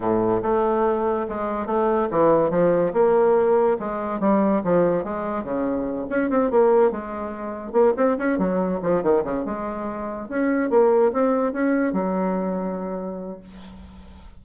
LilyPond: \new Staff \with { instrumentName = "bassoon" } { \time 4/4 \tempo 4 = 143 a,4 a2 gis4 | a4 e4 f4 ais4~ | ais4 gis4 g4 f4 | gis4 cis4. cis'8 c'8 ais8~ |
ais8 gis2 ais8 c'8 cis'8 | fis4 f8 dis8 cis8 gis4.~ | gis8 cis'4 ais4 c'4 cis'8~ | cis'8 fis2.~ fis8 | }